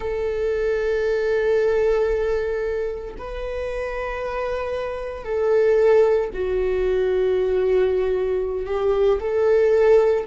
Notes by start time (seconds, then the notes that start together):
0.00 A4
3.18 B4
5.24 A4
6.33 F#4
8.66 G4
9.20 A4